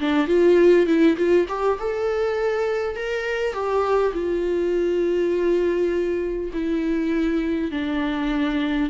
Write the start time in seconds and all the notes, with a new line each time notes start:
0.00 D4
0.27 F4
0.87 E4
1.17 F4
1.49 G4
1.80 A4
2.96 A#4
3.53 G4
4.13 F4
6.53 E4
7.71 D4